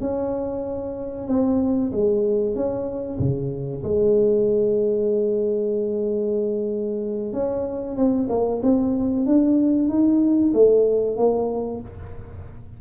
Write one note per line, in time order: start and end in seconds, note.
0.00 1.27 C#4
1.27 1.91 C4
1.92 2.55 G#3
2.55 3.19 C#4
3.19 3.83 C#3
3.83 7.32 G#3
7.32 7.96 C#4
7.96 8.28 C4
8.29 8.61 A#3
8.62 9.26 C4
9.26 9.88 D4
9.88 10.52 D#4
10.53 11.16 A3
11.16 11.80 A#3